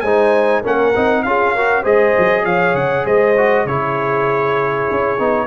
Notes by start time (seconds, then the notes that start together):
0.00 G#3 D#4 C5 G#5
0.61 A#3 C#4 A#4 F#5
0.95 C4 D#4
1.22 C#4 F4 G#4 F5
1.55 F#4 A#4
1.82 G#3 G#4 C5 D#5
2.18 F#3
2.44 F3 C#5 F5
2.74 C#3 F#5
3.05 G#3 C5 D#5
3.37 F#4
3.65 C#3 E4 G#4 C#5
4.90 C#4
5.18 B3 D#4